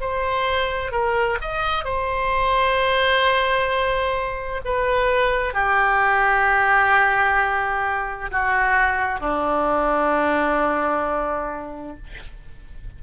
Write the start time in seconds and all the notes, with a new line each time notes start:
0.00 C5
0.91 A#4
1.41 D#5
1.84 C5
4.64 B4
5.53 G4
8.31 F#4
9.20 D4